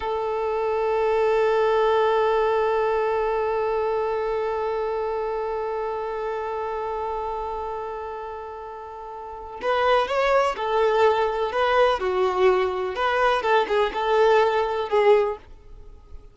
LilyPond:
\new Staff \with { instrumentName = "violin" } { \time 4/4 \tempo 4 = 125 a'1~ | a'1~ | a'1~ | a'1~ |
a'1 | b'4 cis''4 a'2 | b'4 fis'2 b'4 | a'8 gis'8 a'2 gis'4 | }